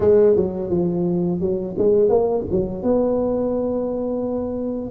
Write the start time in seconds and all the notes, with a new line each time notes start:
0.00 G#3
0.36 F#3
0.70 F3
1.40 F#3
1.78 G#3
2.09 A#3
2.51 F#3
2.82 B3